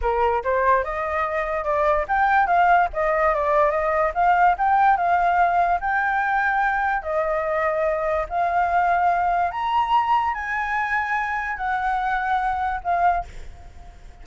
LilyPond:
\new Staff \with { instrumentName = "flute" } { \time 4/4 \tempo 4 = 145 ais'4 c''4 dis''2 | d''4 g''4 f''4 dis''4 | d''4 dis''4 f''4 g''4 | f''2 g''2~ |
g''4 dis''2. | f''2. ais''4~ | ais''4 gis''2. | fis''2. f''4 | }